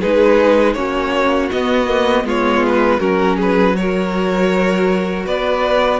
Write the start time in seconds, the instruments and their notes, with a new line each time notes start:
0.00 cello G#3, viola D#4, violin G#4 B4
0.74 cello A#3, viola C#4, violin F#4 C#5
1.52 viola B3, cello B3, violin D#5
1.88 viola A#3
2.24 cello G#3, viola B3, violin F4 C#5
2.67 violin B4
3.00 cello F#3, viola C#4, violin F#4 A#4
3.36 violin G#4 B4
3.76 viola F#4, violin A#4 C#5
5.26 cello B3, violin B4 D5